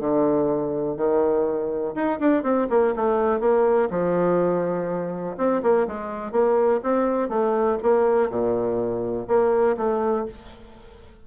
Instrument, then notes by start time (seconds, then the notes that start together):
bassoon
0.00 D3
0.97 D#3
1.95 D#4
2.20 D4
2.43 C4
2.70 A#3
2.96 A3
3.40 A#3
3.90 F3
5.37 C4
5.63 A#3
5.88 G#3
6.32 A#3
6.83 C4
7.29 A3
7.83 A#3
8.30 A#2
9.28 A#3
9.77 A3